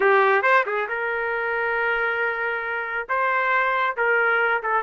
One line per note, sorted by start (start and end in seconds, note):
0.00 0.42 G4
0.42 0.64 C5
0.66 0.88 G#4
0.88 3.07 A#4
3.08 3.96 C5
3.96 4.62 A#4
4.62 4.83 A4